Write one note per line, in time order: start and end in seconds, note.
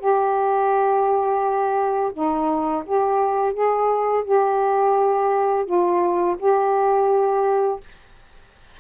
0.00 2.12 G4
2.13 2.84 D#4
2.86 3.54 G4
3.54 4.24 G#4
4.25 5.66 G4
5.66 6.36 F4
6.39 7.80 G4